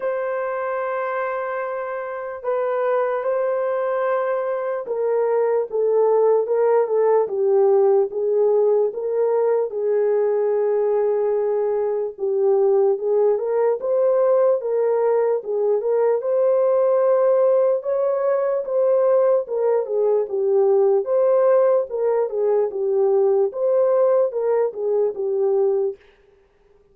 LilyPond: \new Staff \with { instrumentName = "horn" } { \time 4/4 \tempo 4 = 74 c''2. b'4 | c''2 ais'4 a'4 | ais'8 a'8 g'4 gis'4 ais'4 | gis'2. g'4 |
gis'8 ais'8 c''4 ais'4 gis'8 ais'8 | c''2 cis''4 c''4 | ais'8 gis'8 g'4 c''4 ais'8 gis'8 | g'4 c''4 ais'8 gis'8 g'4 | }